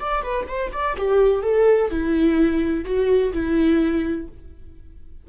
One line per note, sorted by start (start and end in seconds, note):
0.00 0.23 D5
0.23 0.47 B4
0.48 0.72 C5
0.73 0.97 D5
0.98 1.43 G4
1.43 1.90 A4
1.91 2.85 E4
2.85 3.33 F#4
3.33 4.29 E4